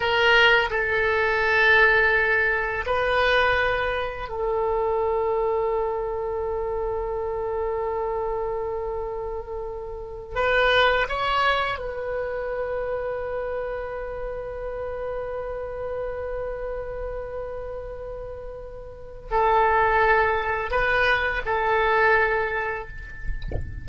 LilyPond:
\new Staff \with { instrumentName = "oboe" } { \time 4/4 \tempo 4 = 84 ais'4 a'2. | b'2 a'2~ | a'1~ | a'2~ a'8 b'4 cis''8~ |
cis''8 b'2.~ b'8~ | b'1~ | b'2. a'4~ | a'4 b'4 a'2 | }